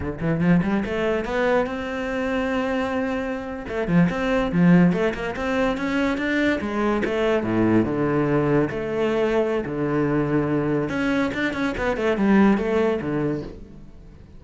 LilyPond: \new Staff \with { instrumentName = "cello" } { \time 4/4 \tempo 4 = 143 d8 e8 f8 g8 a4 b4 | c'1~ | c'8. a8 f8 c'4 f4 a16~ | a16 ais8 c'4 cis'4 d'4 gis16~ |
gis8. a4 a,4 d4~ d16~ | d8. a2~ a16 d4~ | d2 cis'4 d'8 cis'8 | b8 a8 g4 a4 d4 | }